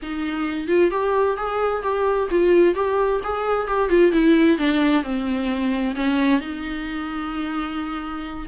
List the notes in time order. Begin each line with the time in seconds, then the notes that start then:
0.02 D#4
0.67 F4
0.90 G4
1.36 G#4
1.82 G4
2.30 F4
2.74 G4
3.23 G#4
3.67 G4
3.89 F4
4.12 E4
4.57 D4
5.03 C4
5.95 C#4
6.40 D#4